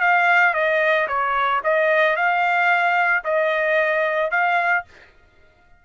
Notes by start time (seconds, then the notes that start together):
0.00 F5
0.54 D#5
1.08 C#5
1.64 D#5
2.16 F5
3.24 D#5
4.31 F5